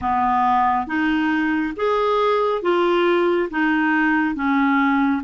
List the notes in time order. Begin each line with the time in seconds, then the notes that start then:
0.01 B3
0.87 D#4
1.76 G#4
2.62 F4
3.50 D#4
4.35 C#4